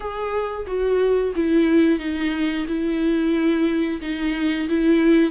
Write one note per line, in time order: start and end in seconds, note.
0.00 0.65 G#4
0.66 1.33 F#4
1.35 1.99 E4
1.99 2.65 D#4
2.67 4.01 E4
4.01 4.68 D#4
4.68 5.30 E4